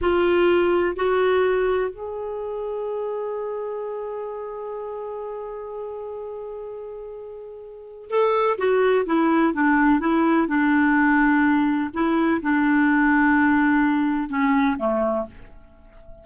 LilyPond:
\new Staff \with { instrumentName = "clarinet" } { \time 4/4 \tempo 4 = 126 f'2 fis'2 | gis'1~ | gis'1~ | gis'1~ |
gis'4 a'4 fis'4 e'4 | d'4 e'4 d'2~ | d'4 e'4 d'2~ | d'2 cis'4 a4 | }